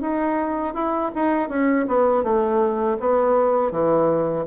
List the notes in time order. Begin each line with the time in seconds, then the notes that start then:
0.00 D#4
0.74 E4
1.15 D#4
1.49 C#4
1.88 B3
2.23 A3
3.00 B3
3.71 E3